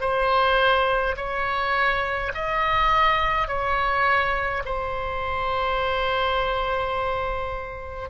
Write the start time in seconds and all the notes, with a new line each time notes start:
0.00 C5
1.16 C#5
2.34 D#5
3.47 C#5
4.65 C5